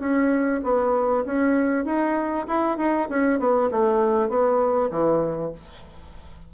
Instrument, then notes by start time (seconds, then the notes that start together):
bassoon
0.00 C#4
0.63 B3
1.26 C#4
1.85 D#4
2.47 E4
2.78 D#4
3.09 C#4
3.40 B3
3.71 A3
4.29 B3
4.91 E3